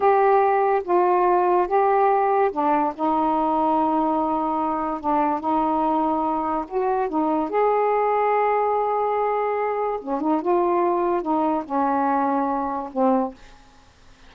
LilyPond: \new Staff \with { instrumentName = "saxophone" } { \time 4/4 \tempo 4 = 144 g'2 f'2 | g'2 d'4 dis'4~ | dis'1 | d'4 dis'2. |
fis'4 dis'4 gis'2~ | gis'1 | cis'8 dis'8 f'2 dis'4 | cis'2. c'4 | }